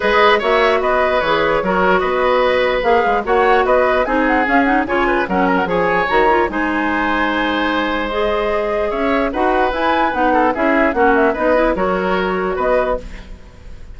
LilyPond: <<
  \new Staff \with { instrumentName = "flute" } { \time 4/4 \tempo 4 = 148 dis''4 e''4 dis''4 cis''4~ | cis''4 dis''2 f''4 | fis''4 dis''4 gis''8 fis''8 f''8 fis''8 | gis''4 fis''8 ais''16 fis''16 gis''4 ais''4 |
gis''1 | dis''2 e''4 fis''4 | gis''4 fis''4 e''4 fis''8 e''8 | dis''4 cis''2 dis''4 | }
  \new Staff \with { instrumentName = "oboe" } { \time 4/4 b'4 cis''4 b'2 | ais'4 b'2. | cis''4 b'4 gis'2 | cis''8 b'8 ais'4 cis''2 |
c''1~ | c''2 cis''4 b'4~ | b'4. a'8 gis'4 fis'4 | b'4 ais'2 b'4 | }
  \new Staff \with { instrumentName = "clarinet" } { \time 4/4 gis'4 fis'2 gis'4 | fis'2. gis'4 | fis'2 dis'4 cis'8 dis'8 | f'4 cis'4 gis'4 fis'8 f'8 |
dis'1 | gis'2. fis'4 | e'4 dis'4 e'4 cis'4 | dis'8 e'8 fis'2. | }
  \new Staff \with { instrumentName = "bassoon" } { \time 4/4 gis4 ais4 b4 e4 | fis4 b2 ais8 gis8 | ais4 b4 c'4 cis'4 | cis4 fis4 f4 dis4 |
gis1~ | gis2 cis'4 dis'4 | e'4 b4 cis'4 ais4 | b4 fis2 b4 | }
>>